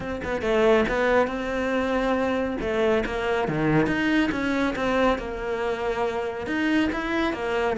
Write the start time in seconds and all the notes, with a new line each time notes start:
0.00 C4
0.24 B3
0.41 A3
0.88 B3
1.27 C4
2.61 A3
3.05 A#3
3.47 D#3
3.87 D#4
4.31 C#4
4.75 C4
5.18 A#3
6.46 D#4
6.92 E4
7.33 A#3